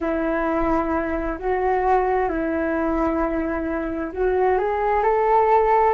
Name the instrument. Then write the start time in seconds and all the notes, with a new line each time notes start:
flute
0.00 E4
1.38 F#4
2.28 E4
4.12 F#4
4.58 G#4
5.03 A4